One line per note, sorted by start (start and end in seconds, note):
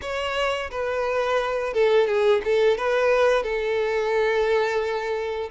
0.01 0.70 C#5
0.71 1.73 B4
1.73 2.07 A4
2.07 2.41 G#4
2.44 2.77 A4
2.77 3.43 B4
3.43 5.50 A4